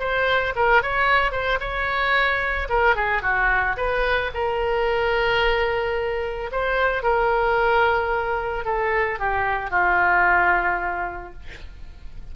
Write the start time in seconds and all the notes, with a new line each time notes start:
0.00 C5
0.56 A#4
0.83 C#5
1.32 C5
1.60 C#5
2.70 A#4
2.96 G#4
3.23 F#4
3.77 B4
4.35 A#4
6.52 C5
7.03 A#4
8.66 A4
9.20 G4
9.71 F4